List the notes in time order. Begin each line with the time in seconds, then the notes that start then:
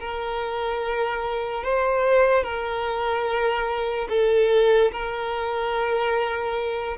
0.00 A#4
1.64 C5
2.44 A#4
4.09 A4
4.92 A#4